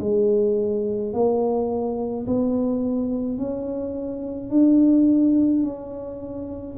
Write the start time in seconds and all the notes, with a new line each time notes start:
0.00 G#3
1.13 A#3
2.27 B3
3.39 C#4
4.51 D4
5.64 C#4